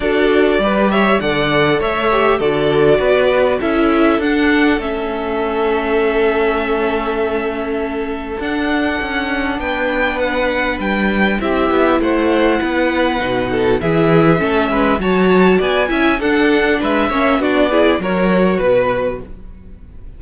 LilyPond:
<<
  \new Staff \with { instrumentName = "violin" } { \time 4/4 \tempo 4 = 100 d''4. e''8 fis''4 e''4 | d''2 e''4 fis''4 | e''1~ | e''2 fis''2 |
g''4 fis''4 g''4 e''4 | fis''2. e''4~ | e''4 a''4 gis''4 fis''4 | e''4 d''4 cis''4 b'4 | }
  \new Staff \with { instrumentName = "violin" } { \time 4/4 a'4 b'8 cis''8 d''4 cis''4 | a'4 b'4 a'2~ | a'1~ | a'1 |
b'2. g'4 | c''4 b'4. a'8 gis'4 | a'8 b'8 cis''4 d''8 e''8 a'4 | b'8 cis''8 fis'8 gis'8 ais'4 b'4 | }
  \new Staff \with { instrumentName = "viola" } { \time 4/4 fis'4 g'4 a'4. g'8 | fis'2 e'4 d'4 | cis'1~ | cis'2 d'2~ |
d'2. e'4~ | e'2 dis'4 e'4 | cis'4 fis'4. e'8 d'4~ | d'8 cis'8 d'8 e'8 fis'2 | }
  \new Staff \with { instrumentName = "cello" } { \time 4/4 d'4 g4 d4 a4 | d4 b4 cis'4 d'4 | a1~ | a2 d'4 cis'4 |
b2 g4 c'8 b8 | a4 b4 b,4 e4 | a8 gis8 fis4 b8 cis'8 d'4 | gis8 ais8 b4 fis4 b,4 | }
>>